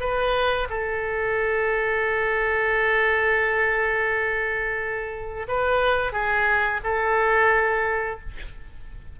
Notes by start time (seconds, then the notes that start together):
0.00 B4
0.70 A4
5.48 B4
6.12 G#4
6.84 A4